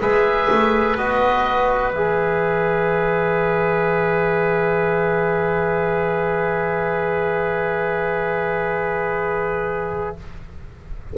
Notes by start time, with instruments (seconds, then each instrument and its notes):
0.00 double bass G#3, trombone G#4, trumpet B4, oboe E5
0.51 double bass A3
0.96 double bass B3, trombone F#4, oboe D#5
1.91 double bass E3, trombone G#4, oboe E5